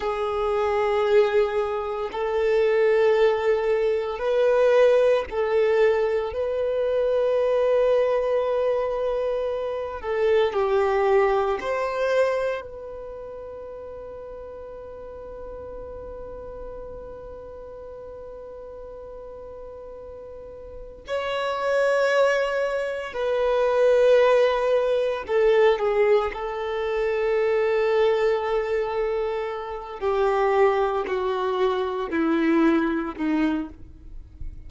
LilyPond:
\new Staff \with { instrumentName = "violin" } { \time 4/4 \tempo 4 = 57 gis'2 a'2 | b'4 a'4 b'2~ | b'4. a'8 g'4 c''4 | b'1~ |
b'1 | cis''2 b'2 | a'8 gis'8 a'2.~ | a'8 g'4 fis'4 e'4 dis'8 | }